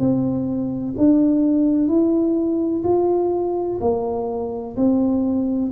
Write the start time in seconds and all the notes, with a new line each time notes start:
0.00 C4
0.98 D4
1.89 E4
2.84 F4
3.81 A#3
4.77 C4